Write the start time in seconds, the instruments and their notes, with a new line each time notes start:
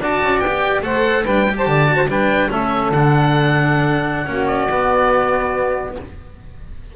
0.00 double bass D4, cello F#4, saxophone D5, oboe A5
0.22 double bass C#4
0.38 double bass B3, oboe G5
0.47 cello G4
0.82 double bass A3, cello A4, saxophone C5, oboe F#5
1.22 double bass G3, cello D4, saxophone B4, oboe G5
1.49 cello G4
1.57 saxophone C5, oboe A5
1.66 double bass D3, saxophone D5
1.86 cello F#4
1.96 saxophone C5
2.06 double bass G3, cello D4, saxophone B4, oboe G5
2.49 double bass A3, cello C#4, saxophone A4, oboe E5
2.90 double bass D3, cello D4, oboe F#5
4.26 double bass A#3, cello C#4, saxophone F#4
4.47 oboe D5
4.70 double bass B3, cello B3